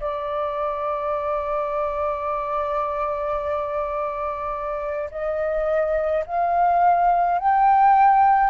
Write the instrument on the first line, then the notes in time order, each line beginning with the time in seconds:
flute
0.00 D5
5.10 D#5
6.26 F5
7.38 G5